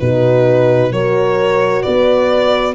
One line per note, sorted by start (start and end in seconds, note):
0.00 0.92 B2
0.00 0.92 D#4
0.00 0.92 F#4
0.00 0.92 B4
0.92 1.84 F#3
0.92 2.75 F#4
0.92 1.83 A#4
0.92 1.82 C#5
1.82 2.75 B3
1.82 2.75 B4
1.82 2.74 D5